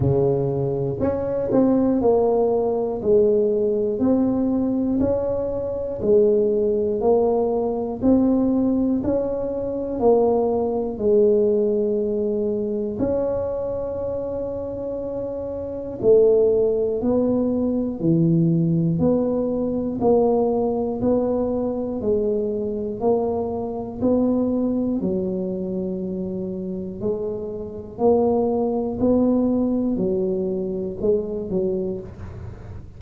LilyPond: \new Staff \with { instrumentName = "tuba" } { \time 4/4 \tempo 4 = 60 cis4 cis'8 c'8 ais4 gis4 | c'4 cis'4 gis4 ais4 | c'4 cis'4 ais4 gis4~ | gis4 cis'2. |
a4 b4 e4 b4 | ais4 b4 gis4 ais4 | b4 fis2 gis4 | ais4 b4 fis4 gis8 fis8 | }